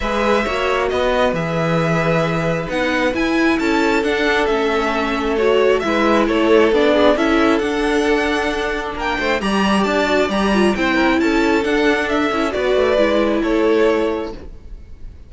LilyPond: <<
  \new Staff \with { instrumentName = "violin" } { \time 4/4 \tempo 4 = 134 e''2 dis''4 e''4~ | e''2 fis''4 gis''4 | a''4 fis''4 e''2 | cis''4 e''4 cis''4 d''4 |
e''4 fis''2. | g''4 ais''4 a''4 ais''4 | g''4 a''4 fis''4 e''4 | d''2 cis''2 | }
  \new Staff \with { instrumentName = "violin" } { \time 4/4 b'4 cis''4 b'2~ | b'1 | a'1~ | a'4 b'4 a'4. gis'8 |
a'1 | ais'8 c''8 d''2. | c''8 ais'8 a'2. | b'2 a'2 | }
  \new Staff \with { instrumentName = "viola" } { \time 4/4 gis'4 fis'2 gis'4~ | gis'2 dis'4 e'4~ | e'4 d'4 cis'2 | fis'4 e'2 d'4 |
e'4 d'2.~ | d'4 g'4. fis'8 g'8 f'8 | e'2 d'4. e'8 | fis'4 e'2. | }
  \new Staff \with { instrumentName = "cello" } { \time 4/4 gis4 ais4 b4 e4~ | e2 b4 e'4 | cis'4 d'4 a2~ | a4 gis4 a4 b4 |
cis'4 d'2. | ais8 a8 g4 d'4 g4 | c'4 cis'4 d'4. cis'8 | b8 a8 gis4 a2 | }
>>